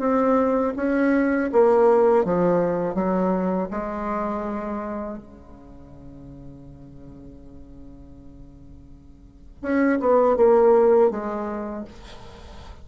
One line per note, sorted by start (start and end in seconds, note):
0.00 0.74 C4
0.77 1.51 C#4
1.53 2.25 A#3
2.25 2.95 F3
2.95 3.69 F#3
3.71 5.18 G#3
5.18 9.62 C#3
9.62 9.99 C#4
10.00 10.37 B3
10.37 11.11 A#3
11.11 11.85 G#3